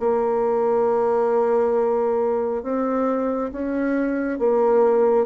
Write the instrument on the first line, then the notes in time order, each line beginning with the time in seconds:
bassoon
0.00 A#3
2.63 C4
3.53 C#4
4.39 A#3